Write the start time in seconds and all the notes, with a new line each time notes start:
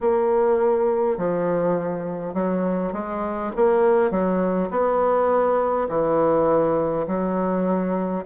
0.00 A#3
1.17 F3
2.34 F#3
2.93 G#3
3.56 A#3
4.10 F#3
4.70 B3
5.88 E3
7.07 F#3